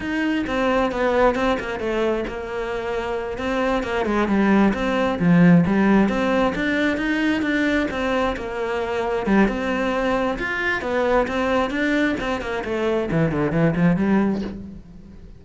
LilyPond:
\new Staff \with { instrumentName = "cello" } { \time 4/4 \tempo 4 = 133 dis'4 c'4 b4 c'8 ais8 | a4 ais2~ ais8 c'8~ | c'8 ais8 gis8 g4 c'4 f8~ | f8 g4 c'4 d'4 dis'8~ |
dis'8 d'4 c'4 ais4.~ | ais8 g8 c'2 f'4 | b4 c'4 d'4 c'8 ais8 | a4 e8 d8 e8 f8 g4 | }